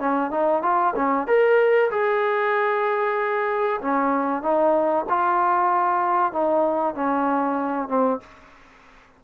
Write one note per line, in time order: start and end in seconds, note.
0.00 0.31 C#4
0.31 0.62 D#4
0.63 0.94 F4
0.96 1.27 C#4
1.27 1.91 A#4
1.91 3.80 G#4
3.81 4.42 C#4
4.42 5.06 D#4
5.09 6.32 F4
6.32 6.95 D#4
6.95 7.89 C#4
7.89 8.20 C4